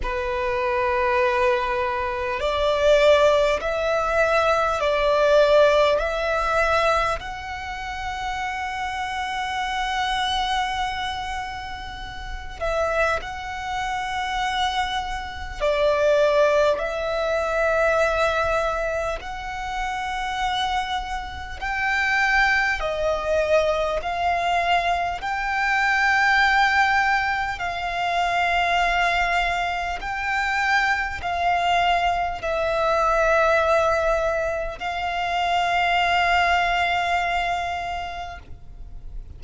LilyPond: \new Staff \with { instrumentName = "violin" } { \time 4/4 \tempo 4 = 50 b'2 d''4 e''4 | d''4 e''4 fis''2~ | fis''2~ fis''8 e''8 fis''4~ | fis''4 d''4 e''2 |
fis''2 g''4 dis''4 | f''4 g''2 f''4~ | f''4 g''4 f''4 e''4~ | e''4 f''2. | }